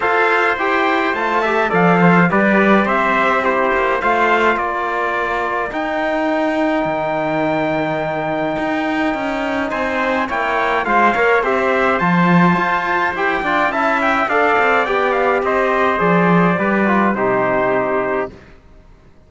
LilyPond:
<<
  \new Staff \with { instrumentName = "trumpet" } { \time 4/4 \tempo 4 = 105 f''4 g''4 a''4 f''4 | d''4 e''4 c''4 f''4 | d''2 g''2~ | g''1~ |
g''4 gis''4 g''4 f''4 | e''4 a''2 g''4 | a''8 g''8 f''4 g''8 f''8 dis''4 | d''2 c''2 | }
  \new Staff \with { instrumentName = "trumpet" } { \time 4/4 c''2~ c''8 e''8 d''8 c''8 | b'4 c''4 g'4 c''4 | ais'1~ | ais'1~ |
ais'4 c''4 cis''4 c''8 cis''8 | c''2.~ c''8 d''8 | e''4 d''2 c''4~ | c''4 b'4 g'2 | }
  \new Staff \with { instrumentName = "trombone" } { \time 4/4 a'4 g'4 f'8 g'8 a'4 | g'2 e'4 f'4~ | f'2 dis'2~ | dis'1~ |
dis'2 e'4 f'8 ais'8 | g'4 f'2 g'8 f'8 | e'4 a'4 g'2 | gis'4 g'8 f'8 dis'2 | }
  \new Staff \with { instrumentName = "cello" } { \time 4/4 f'4 e'4 a4 f4 | g4 c'4. ais8 a4 | ais2 dis'2 | dis2. dis'4 |
cis'4 c'4 ais4 gis8 ais8 | c'4 f4 f'4 e'8 d'8 | cis'4 d'8 c'8 b4 c'4 | f4 g4 c2 | }
>>